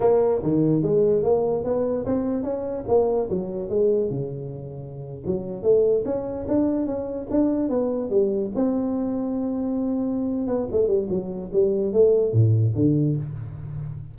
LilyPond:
\new Staff \with { instrumentName = "tuba" } { \time 4/4 \tempo 4 = 146 ais4 dis4 gis4 ais4 | b4 c'4 cis'4 ais4 | fis4 gis4 cis2~ | cis8. fis4 a4 cis'4 d'16~ |
d'8. cis'4 d'4 b4 g16~ | g8. c'2.~ c'16~ | c'4. b8 a8 g8 fis4 | g4 a4 a,4 d4 | }